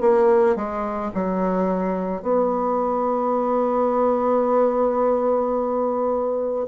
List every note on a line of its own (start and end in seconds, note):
0.00 0.56 A#3
0.56 1.11 G#3
1.14 2.22 F#3
2.22 6.66 B3